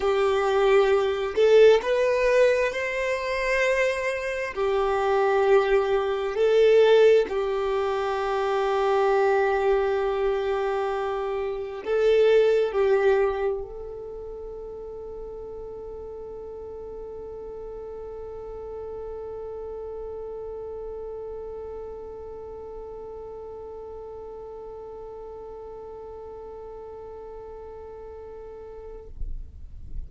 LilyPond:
\new Staff \with { instrumentName = "violin" } { \time 4/4 \tempo 4 = 66 g'4. a'8 b'4 c''4~ | c''4 g'2 a'4 | g'1~ | g'4 a'4 g'4 a'4~ |
a'1~ | a'1~ | a'1~ | a'1 | }